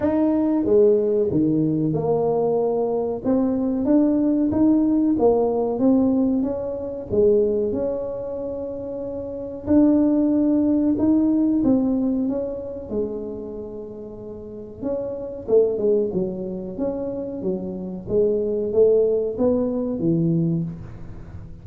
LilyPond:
\new Staff \with { instrumentName = "tuba" } { \time 4/4 \tempo 4 = 93 dis'4 gis4 dis4 ais4~ | ais4 c'4 d'4 dis'4 | ais4 c'4 cis'4 gis4 | cis'2. d'4~ |
d'4 dis'4 c'4 cis'4 | gis2. cis'4 | a8 gis8 fis4 cis'4 fis4 | gis4 a4 b4 e4 | }